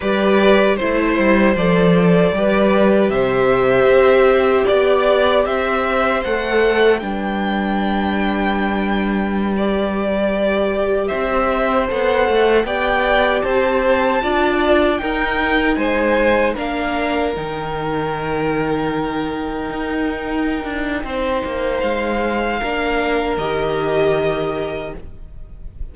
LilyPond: <<
  \new Staff \with { instrumentName = "violin" } { \time 4/4 \tempo 4 = 77 d''4 c''4 d''2 | e''2 d''4 e''4 | fis''4 g''2.~ | g''16 d''2 e''4 fis''8.~ |
fis''16 g''4 a''2 g''8.~ | g''16 gis''4 f''4 g''4.~ g''16~ | g''1 | f''2 dis''2 | }
  \new Staff \with { instrumentName = "violin" } { \time 4/4 b'4 c''2 b'4 | c''2 d''4 c''4~ | c''4 b'2.~ | b'2~ b'16 c''4.~ c''16~ |
c''16 d''4 c''4 d''4 ais'8.~ | ais'16 c''4 ais'2~ ais'8.~ | ais'2. c''4~ | c''4 ais'2. | }
  \new Staff \with { instrumentName = "viola" } { \time 4/4 g'4 e'4 a'4 g'4~ | g'1 | a'4 d'2.~ | d'16 g'2. a'8.~ |
a'16 g'2 f'4 dis'8.~ | dis'4~ dis'16 d'4 dis'4.~ dis'16~ | dis'1~ | dis'4 d'4 g'2 | }
  \new Staff \with { instrumentName = "cello" } { \time 4/4 g4 a8 g8 f4 g4 | c4 c'4 b4 c'4 | a4 g2.~ | g2~ g16 c'4 b8 a16~ |
a16 b4 c'4 d'4 dis'8.~ | dis'16 gis4 ais4 dis4.~ dis16~ | dis4~ dis16 dis'4~ dis'16 d'8 c'8 ais8 | gis4 ais4 dis2 | }
>>